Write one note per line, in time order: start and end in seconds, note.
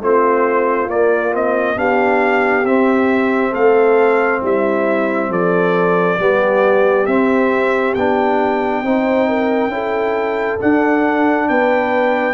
0.00 0.87 A3
0.00 0.88 C4
0.00 1.78 F4
0.00 0.89 C5
0.87 1.75 A#3
0.87 1.32 A#3
0.87 1.33 D5
1.32 1.75 C4
1.32 1.78 D#5
1.75 2.64 B3
1.75 2.64 D4
1.75 3.51 G4
1.75 2.65 F5
2.64 3.52 C4
2.64 6.19 C4
2.64 3.53 E5
3.51 4.41 A3
3.51 4.39 A4
3.51 4.42 F5
4.41 5.29 G3
4.41 5.30 E4
4.41 5.32 E5
5.29 6.17 F3
5.29 6.18 A4
5.29 7.06 D5
6.19 7.06 G3
6.19 7.07 B3
6.19 8.85 G4
7.06 7.95 C4
7.06 7.96 C4
7.06 7.94 E5
7.94 8.82 B3
7.94 8.84 D4
7.94 10.59 G5
8.82 9.67 C4
8.82 9.70 D#4
8.82 9.28 C5
9.28 9.72 A#4
9.67 10.56 C#4
9.67 10.58 E4
9.74 11.48 A4
10.59 12.34 D4
10.59 11.49 D4
10.59 11.48 F#5
11.48 12.34 B3
11.48 12.34 B4
11.48 12.34 G5